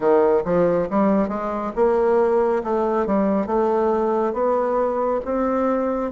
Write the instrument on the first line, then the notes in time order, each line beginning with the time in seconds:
bassoon
0.00 D#3
0.44 F3
0.89 G3
1.28 G#3
1.75 A#3
2.63 A3
3.06 G3
3.46 A3
4.33 B3
5.25 C4